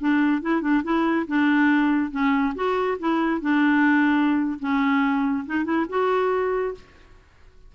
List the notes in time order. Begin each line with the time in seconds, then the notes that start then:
0.00 D4
0.42 E4
0.62 D4
0.84 E4
1.28 D4
2.11 C#4
2.55 F#4
2.99 E4
3.41 D4
4.60 C#4
5.46 D#4
5.65 E4
5.89 F#4